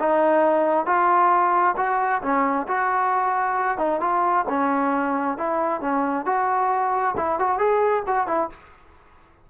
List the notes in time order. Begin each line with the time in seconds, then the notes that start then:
0.00 D#4
0.86 F4
1.77 F#4
2.22 C#4
2.68 F#4
3.78 D#4
4.01 F4
4.49 C#4
5.38 E4
5.81 C#4
6.26 F#4
7.17 E4
7.40 F#4
7.59 G#4
8.07 F#4
8.27 E4